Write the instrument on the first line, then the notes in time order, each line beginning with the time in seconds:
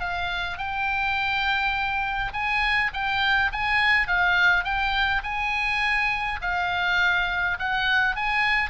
oboe
0.00 F5
0.58 G5
2.33 G#5
2.93 G5
3.52 G#5
4.08 F5
4.64 G5
5.23 G#5
6.41 F5
7.59 F#5
8.16 G#5